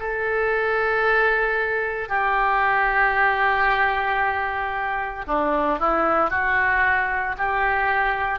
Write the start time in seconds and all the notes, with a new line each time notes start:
0.00 A4
2.09 G4
5.28 D4
5.79 E4
6.31 F#4
7.38 G4